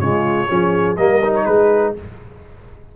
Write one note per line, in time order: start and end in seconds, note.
0.00 0.48 C#3
0.00 0.48 G#3
0.00 0.50 F4
0.00 0.96 C#5
0.48 0.98 F3
0.48 0.96 C#4
0.48 0.98 G#4
0.97 1.46 G3
0.97 1.22 A#3
0.97 1.45 A#4
0.97 1.33 D#5
1.24 1.96 D#4
1.35 1.46 C#5
1.45 1.95 G#3
1.45 1.93 G#4
1.45 1.94 B4